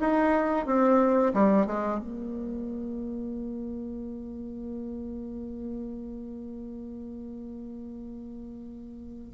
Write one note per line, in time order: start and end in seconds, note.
0.00 0.66 D#4
0.66 1.33 C4
1.34 1.67 G3
1.67 2.00 G#3
2.00 9.33 A#3